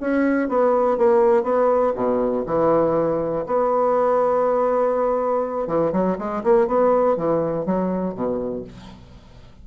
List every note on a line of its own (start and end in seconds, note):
0.00 0.49 C#4
0.49 0.97 B3
0.97 1.43 A#3
1.43 1.92 B3
1.95 2.44 B2
2.46 3.45 E3
3.46 5.67 B3
5.67 5.92 E3
5.92 6.17 F#3
6.18 6.43 G#3
6.43 6.67 A#3
6.67 7.16 B3
7.17 7.65 E3
7.65 8.14 F#3
8.14 8.64 B2